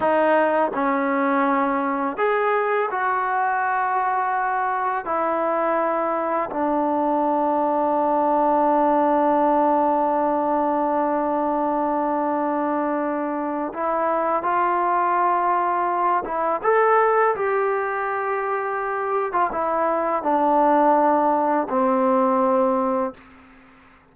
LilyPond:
\new Staff \with { instrumentName = "trombone" } { \time 4/4 \tempo 4 = 83 dis'4 cis'2 gis'4 | fis'2. e'4~ | e'4 d'2.~ | d'1~ |
d'2. e'4 | f'2~ f'8 e'8 a'4 | g'2~ g'8. f'16 e'4 | d'2 c'2 | }